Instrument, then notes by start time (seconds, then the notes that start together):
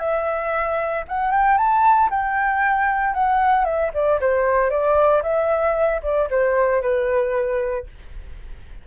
flute
0.00 E5
1.09 F#5
1.32 G5
1.58 A5
2.11 G5
3.14 F#5
3.65 E5
3.94 D5
4.21 C5
4.71 D5
5.23 E5
6.03 D5
6.31 C5
6.82 B4